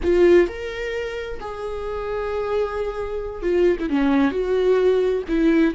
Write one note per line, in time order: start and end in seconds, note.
0.03 0.47 F4
0.47 1.39 A#4
1.40 3.42 G#4
3.42 3.76 F4
3.79 3.89 E4
3.89 4.31 C#4
4.31 5.23 F#4
5.28 5.74 E4